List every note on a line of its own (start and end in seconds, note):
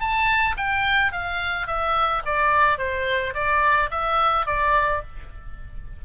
0.00 0.56 A5
0.57 1.12 G5
1.12 1.67 F5
1.67 2.22 E5
2.26 2.78 D5
2.78 3.34 C5
3.34 3.90 D5
3.90 4.46 E5
4.46 5.02 D5